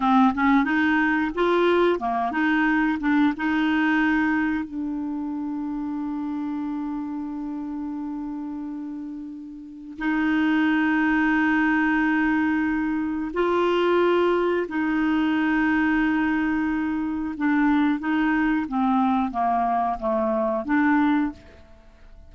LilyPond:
\new Staff \with { instrumentName = "clarinet" } { \time 4/4 \tempo 4 = 90 c'8 cis'8 dis'4 f'4 ais8 dis'8~ | dis'8 d'8 dis'2 d'4~ | d'1~ | d'2. dis'4~ |
dis'1 | f'2 dis'2~ | dis'2 d'4 dis'4 | c'4 ais4 a4 d'4 | }